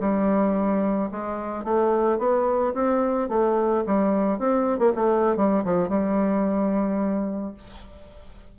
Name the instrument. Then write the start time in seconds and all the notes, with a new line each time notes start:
bassoon
0.00 G3
1.11 G#3
1.64 A3
2.18 B3
2.74 C4
3.29 A3
3.86 G3
4.39 C4
4.79 A#3
4.95 A3
5.36 G3
5.64 F3
5.88 G3